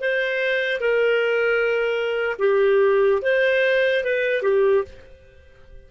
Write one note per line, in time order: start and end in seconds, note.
0.00 0.80 C5
0.80 2.36 A#4
2.38 3.21 G4
3.21 4.03 C5
4.03 4.42 B4
4.42 4.84 G4